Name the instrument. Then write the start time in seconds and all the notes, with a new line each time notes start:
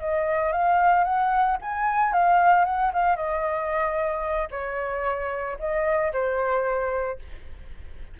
flute
0.00 D#5
0.52 F5
1.04 F#5
1.61 G#5
2.13 F5
2.65 F#5
2.93 F5
3.16 D#5
4.51 C#5
5.59 D#5
6.13 C5